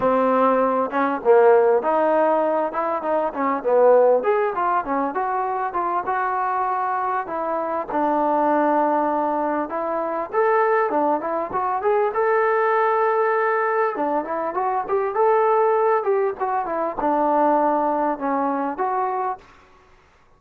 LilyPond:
\new Staff \with { instrumentName = "trombone" } { \time 4/4 \tempo 4 = 99 c'4. cis'8 ais4 dis'4~ | dis'8 e'8 dis'8 cis'8 b4 gis'8 f'8 | cis'8 fis'4 f'8 fis'2 | e'4 d'2. |
e'4 a'4 d'8 e'8 fis'8 gis'8 | a'2. d'8 e'8 | fis'8 g'8 a'4. g'8 fis'8 e'8 | d'2 cis'4 fis'4 | }